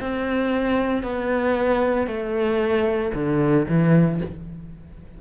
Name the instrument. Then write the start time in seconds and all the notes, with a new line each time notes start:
cello
0.00 C4
1.03 B3
2.07 A3
3.14 D3
3.68 E3